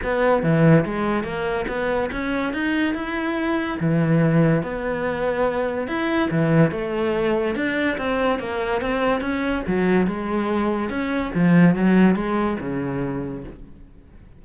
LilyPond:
\new Staff \with { instrumentName = "cello" } { \time 4/4 \tempo 4 = 143 b4 e4 gis4 ais4 | b4 cis'4 dis'4 e'4~ | e'4 e2 b4~ | b2 e'4 e4 |
a2 d'4 c'4 | ais4 c'4 cis'4 fis4 | gis2 cis'4 f4 | fis4 gis4 cis2 | }